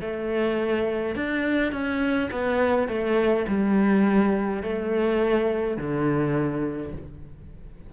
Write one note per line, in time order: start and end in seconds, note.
0.00 1.15 A3
1.15 1.72 D4
1.72 2.29 C#4
2.31 2.87 B3
2.87 3.45 A3
3.48 4.62 G3
4.62 5.77 A3
5.77 6.92 D3